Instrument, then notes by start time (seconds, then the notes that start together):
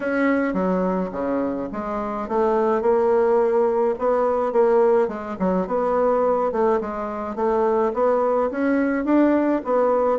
bassoon
0.00 C#4
0.53 F#3
1.12 C#3
1.72 G#3
2.28 A3
2.81 A#3
3.98 B3
4.52 A#3
5.08 G#3
5.39 F#3
5.67 B3
6.51 A3
6.80 G#3
7.35 A3
7.93 B3
8.51 C#4
9.04 D4
9.64 B3